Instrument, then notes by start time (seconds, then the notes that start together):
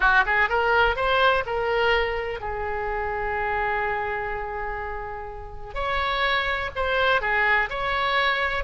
oboe
0.00 F#4
0.26 G#4
0.49 A#4
0.96 C5
1.46 A#4
2.40 G#4
5.74 C#5
6.75 C5
7.21 G#4
7.69 C#5